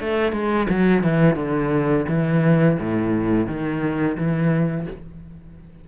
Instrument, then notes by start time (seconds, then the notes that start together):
cello
0.00 A3
0.32 G#3
0.69 F#3
1.03 E3
1.35 D3
2.08 E3
2.79 A2
3.47 D#3
4.17 E3